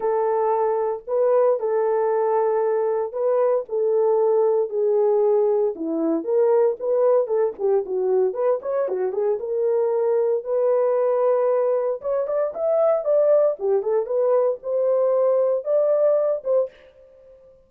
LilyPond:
\new Staff \with { instrumentName = "horn" } { \time 4/4 \tempo 4 = 115 a'2 b'4 a'4~ | a'2 b'4 a'4~ | a'4 gis'2 e'4 | ais'4 b'4 a'8 g'8 fis'4 |
b'8 cis''8 fis'8 gis'8 ais'2 | b'2. cis''8 d''8 | e''4 d''4 g'8 a'8 b'4 | c''2 d''4. c''8 | }